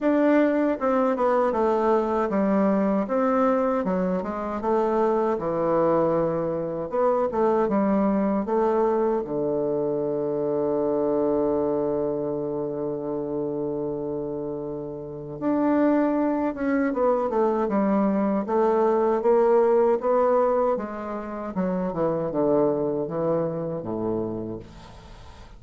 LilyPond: \new Staff \with { instrumentName = "bassoon" } { \time 4/4 \tempo 4 = 78 d'4 c'8 b8 a4 g4 | c'4 fis8 gis8 a4 e4~ | e4 b8 a8 g4 a4 | d1~ |
d1 | d'4. cis'8 b8 a8 g4 | a4 ais4 b4 gis4 | fis8 e8 d4 e4 a,4 | }